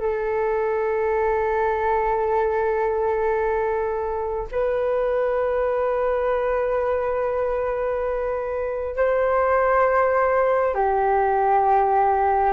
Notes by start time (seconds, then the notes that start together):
0.00 A4
4.52 B4
8.97 C5
10.75 G4